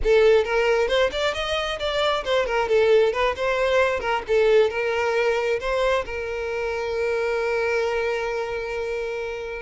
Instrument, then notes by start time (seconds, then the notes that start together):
violin
0.03 A4
0.44 A#4
0.88 C5
1.11 D5
1.34 D#5
1.79 D5
2.24 C5
2.45 A#4
2.68 A4
3.13 B4
3.35 C5
4.00 A#4
4.27 A4
4.70 A#4
5.60 C5
6.05 A#4